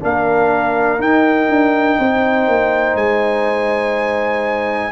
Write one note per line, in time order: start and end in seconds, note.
0.00 0.99 A#3
0.00 0.98 D4
0.00 1.98 A#4
0.00 1.01 F5
0.99 1.48 D#4
0.99 4.92 D#4
0.99 2.97 G5
1.49 1.98 D4
1.99 2.48 C4
1.99 4.92 C5
2.48 2.95 A#3
2.95 4.92 G#3
2.95 4.92 G#5